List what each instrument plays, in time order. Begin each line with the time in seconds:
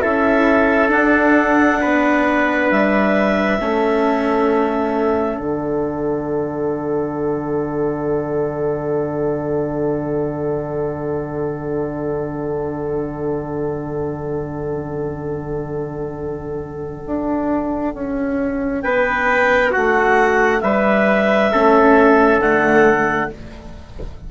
0.00 bassoon C#4, cello E4, trumpet A4, clarinet E5
0.88 cello D4, bassoon D4, clarinet F#5
1.81 bassoon B3, trumpet B4
2.71 bassoon G3, clarinet E5
3.60 bassoon A3, cello C#4, trumpet A4
5.39 bassoon D3, cello D4, clarinet F#5
17.07 bassoon D4
17.95 bassoon C#4
18.82 bassoon B3, trumpet B4, clarinet G5
19.71 bassoon A3, trumpet F#4, clarinet F#5
20.61 bassoon G3, trumpet B4, clarinet E5
21.52 bassoon A3, cello C#4, trumpet A4
22.39 bassoon D3, cello A3, clarinet F#5